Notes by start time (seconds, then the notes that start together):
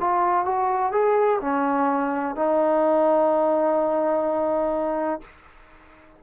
0.00 F4
0.45 F#4
0.92 G#4
1.41 C#4
2.35 D#4